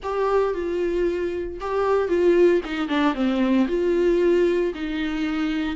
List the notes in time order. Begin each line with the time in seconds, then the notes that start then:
0.02 G4
0.54 F4
1.60 G4
2.08 F4
2.64 D#4
2.88 D4
3.14 C4
3.68 F4
4.74 D#4